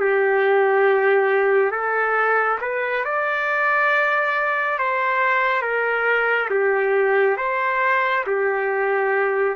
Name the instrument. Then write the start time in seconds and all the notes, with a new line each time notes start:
trumpet
0.00 G4
1.72 A4
2.61 B4
3.05 D5
4.79 C5
5.62 A#4
6.51 G4
7.37 C5
8.27 G4